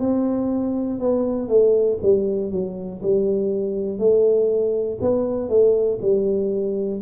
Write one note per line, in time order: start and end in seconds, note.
0.00 1.00 C4
1.00 1.48 B3
1.48 1.98 A3
2.02 2.51 G3
2.51 3.01 F#3
3.02 3.99 G3
3.99 4.99 A3
5.01 5.49 B3
5.49 5.99 A3
6.01 7.01 G3